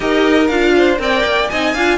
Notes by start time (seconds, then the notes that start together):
0.00 D#4 G4 A#4 D#5
0.47 D4 F4 F5
0.76 C5
0.97 C4 A#4 D5 G5
1.24 A#3
1.49 C4 D#4 D#5 G#5
1.74 D4 F4 F5